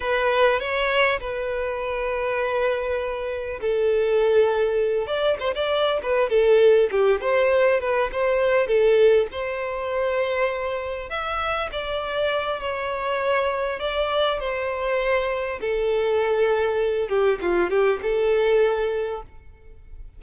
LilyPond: \new Staff \with { instrumentName = "violin" } { \time 4/4 \tempo 4 = 100 b'4 cis''4 b'2~ | b'2 a'2~ | a'8 d''8 c''16 d''8. b'8 a'4 g'8 | c''4 b'8 c''4 a'4 c''8~ |
c''2~ c''8 e''4 d''8~ | d''4 cis''2 d''4 | c''2 a'2~ | a'8 g'8 f'8 g'8 a'2 | }